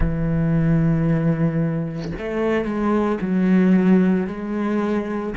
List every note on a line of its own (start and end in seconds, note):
0.00 2.12 E3
2.18 2.64 A3
2.64 3.18 G#3
3.21 4.27 F#3
4.27 5.34 G#3